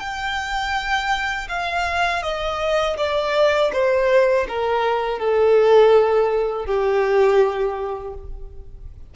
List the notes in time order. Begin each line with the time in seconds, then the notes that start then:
0.00 G5
1.49 F5
2.23 D#5
2.97 D5
3.73 C5
4.49 A#4
5.20 A4
6.66 G4